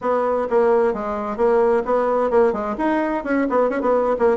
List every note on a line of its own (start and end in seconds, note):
0.01 0.47 B3
0.50 0.93 A#3
0.93 1.36 G#3
1.36 1.83 A#3
1.85 2.30 B3
2.30 2.52 A#3
2.52 2.75 G#3
2.77 3.23 D#4
3.23 3.47 C#4
3.49 3.69 B3
3.69 3.81 C#4
3.81 4.15 B3
4.18 4.37 A#3